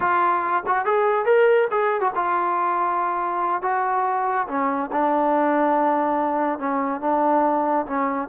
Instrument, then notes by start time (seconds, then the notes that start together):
trombone
0.00 F4
0.66 F#4
0.85 G#4
1.25 A#4
1.71 G#4
2.00 F#4
2.15 F4
3.62 F#4
4.48 C#4
4.92 D4
6.58 C#4
7.01 D4
7.86 C#4